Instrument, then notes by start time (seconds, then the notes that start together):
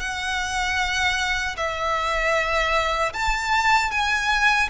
violin
0.00 F#5
1.57 E5
3.13 A5
3.91 G#5